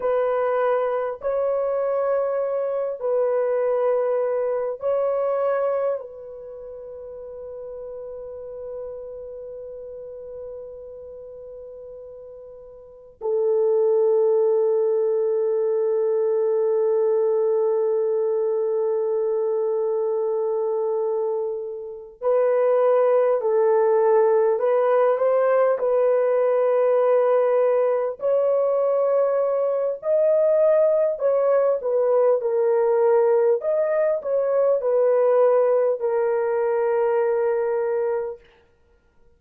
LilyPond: \new Staff \with { instrumentName = "horn" } { \time 4/4 \tempo 4 = 50 b'4 cis''4. b'4. | cis''4 b'2.~ | b'2. a'4~ | a'1~ |
a'2~ a'8 b'4 a'8~ | a'8 b'8 c''8 b'2 cis''8~ | cis''4 dis''4 cis''8 b'8 ais'4 | dis''8 cis''8 b'4 ais'2 | }